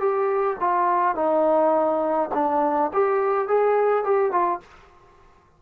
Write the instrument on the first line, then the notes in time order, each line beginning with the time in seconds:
trombone
0.00 G4
0.60 F4
1.16 D#4
2.34 D4
2.94 G4
3.48 G#4
4.04 G4
4.32 F4